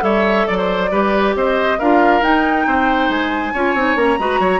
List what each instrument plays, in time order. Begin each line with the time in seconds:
0.00 bassoon G3, clarinet A4, oboe C#5, flute E5
0.47 bassoon F#3, flute D5, oboe D5
0.57 oboe C5
0.91 bassoon G3, clarinet G4, oboe B4
1.35 bassoon C4, oboe C5, flute D#5
1.78 bassoon D4, clarinet F4, oboe A#4, flute F5
2.22 bassoon D#4, clarinet D#4, flute G5
2.66 bassoon C4, oboe C5
3.08 bassoon G#3, flute G#5
3.53 bassoon C#4, clarinet F4, oboe C#5
3.74 bassoon C4, clarinet D#4
3.95 bassoon A#3, clarinet C#4, flute A#5
4.18 bassoon G#3, clarinet F#4, oboe B4
4.39 bassoon F#3, oboe C#5